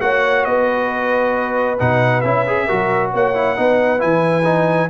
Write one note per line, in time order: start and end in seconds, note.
0.00 0.45 A#3
0.00 1.78 F#4
0.00 0.47 C#5
0.00 0.44 F#5
0.44 1.79 B3
0.44 2.66 B4
0.44 1.78 D#5
1.79 2.24 B2
1.79 2.23 D#4
1.79 2.20 F#5
2.20 2.68 C#4
2.20 2.46 E4
2.20 3.09 E5
2.46 2.68 G#4
2.66 3.13 F#3
2.66 3.34 F#4
2.66 3.10 A#4
3.13 3.58 A#3
3.13 3.58 C#5
3.13 4.01 F#5
3.34 3.56 E4
3.56 4.02 B3
3.56 3.98 D#4
3.56 4.90 B4
3.98 4.90 E3
3.98 4.43 E4
3.98 4.90 G#5
4.44 4.88 D#4